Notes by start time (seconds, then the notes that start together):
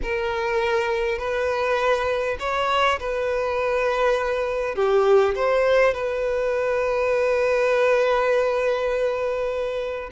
0.02 A#4
1.18 B4
2.39 C#5
2.99 B4
4.75 G4
5.35 C5
5.94 B4